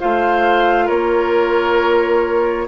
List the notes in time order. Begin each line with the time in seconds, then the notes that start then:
0.00 A3 F4 C5 F5
0.86 A#3 A#4 C#5